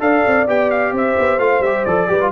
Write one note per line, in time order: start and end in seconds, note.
0.00 0.23 D4
0.00 0.46 A4
0.00 0.94 D5
0.00 0.47 F5
0.27 0.47 C4
0.47 0.92 B3
0.47 1.39 G4
0.47 0.71 G5
0.71 0.94 F5
0.92 1.15 C4
0.92 2.09 C5
0.92 1.40 E5
1.19 1.38 B3
1.38 1.60 A3
1.38 1.62 F4
1.38 1.62 F5
1.60 1.83 G3
1.60 1.87 G4
1.60 1.85 E5
1.85 2.10 F3
1.85 2.08 A4
1.85 2.31 D5
2.08 2.32 G3
2.08 2.19 G4
2.08 2.32 B4
2.21 2.32 F4